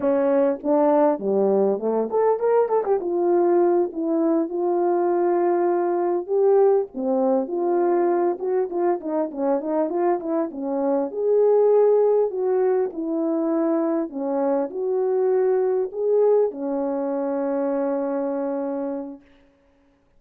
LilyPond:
\new Staff \with { instrumentName = "horn" } { \time 4/4 \tempo 4 = 100 cis'4 d'4 g4 a8 a'8 | ais'8 a'16 g'16 f'4. e'4 f'8~ | f'2~ f'8 g'4 c'8~ | c'8 f'4. fis'8 f'8 dis'8 cis'8 |
dis'8 f'8 e'8 cis'4 gis'4.~ | gis'8 fis'4 e'2 cis'8~ | cis'8 fis'2 gis'4 cis'8~ | cis'1 | }